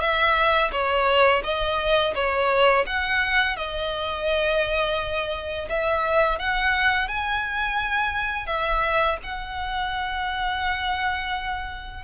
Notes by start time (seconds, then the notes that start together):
0.00 E5
0.72 C#5
1.43 D#5
2.14 C#5
2.86 F#5
3.56 D#5
5.69 E5
6.39 F#5
7.07 G#5
8.46 E5
9.23 F#5